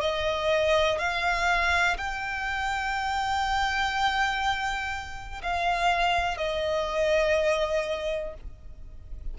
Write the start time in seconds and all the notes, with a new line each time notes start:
0.00 D#5
0.98 F5
1.97 G5
5.42 F5
6.37 D#5